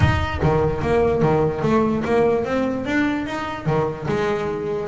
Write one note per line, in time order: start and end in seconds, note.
0.00 0.40 D#4
0.42 0.81 D#3
0.81 1.22 A#3
1.22 1.62 D#3
1.62 2.03 A3
2.04 2.44 A#3
2.44 2.85 C4
2.85 3.26 D4
3.26 3.66 D#4
3.66 4.06 D#3
4.07 4.88 G#3